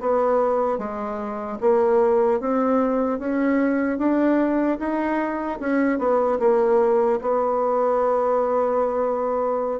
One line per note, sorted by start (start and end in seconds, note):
0.00 0.78 B3
0.78 1.58 G#3
1.61 2.40 A#3
2.40 3.19 C4
3.19 3.98 C#4
3.98 4.78 D4
4.79 5.59 D#4
5.60 5.99 C#4
5.99 6.39 B3
6.39 7.19 A#3
7.21 9.80 B3